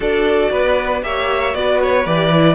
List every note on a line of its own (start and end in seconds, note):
0.00 0.49 D4
0.00 1.02 F#4
0.00 0.50 A4
0.00 1.03 D5
0.50 1.02 B3
0.50 1.02 B4
1.02 1.54 A#3
1.02 1.53 G4
1.02 1.57 C#5
1.02 1.54 E5
1.53 2.06 B3
1.53 2.04 F#4
1.53 2.55 B4
1.53 1.80 D5
1.82 2.06 C#5
2.05 2.55 E3
2.05 2.31 G4
2.05 2.55 D5
2.34 2.55 E4